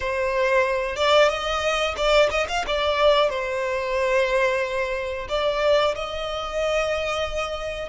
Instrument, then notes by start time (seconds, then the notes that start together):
violin
0.00 C5
0.96 D5
1.29 D#5
1.96 D5
2.30 D#5
2.48 F5
2.66 D5
3.29 C5
5.28 D5
5.95 D#5